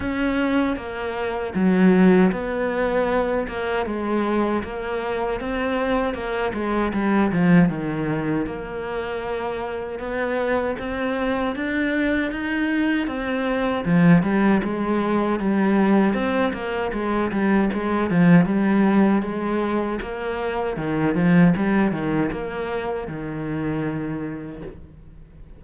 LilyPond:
\new Staff \with { instrumentName = "cello" } { \time 4/4 \tempo 4 = 78 cis'4 ais4 fis4 b4~ | b8 ais8 gis4 ais4 c'4 | ais8 gis8 g8 f8 dis4 ais4~ | ais4 b4 c'4 d'4 |
dis'4 c'4 f8 g8 gis4 | g4 c'8 ais8 gis8 g8 gis8 f8 | g4 gis4 ais4 dis8 f8 | g8 dis8 ais4 dis2 | }